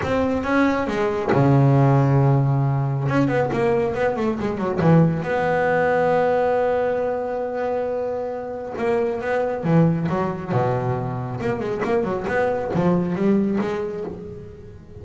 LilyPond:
\new Staff \with { instrumentName = "double bass" } { \time 4/4 \tempo 4 = 137 c'4 cis'4 gis4 cis4~ | cis2. cis'8 b8 | ais4 b8 a8 gis8 fis8 e4 | b1~ |
b1 | ais4 b4 e4 fis4 | b,2 ais8 gis8 ais8 fis8 | b4 f4 g4 gis4 | }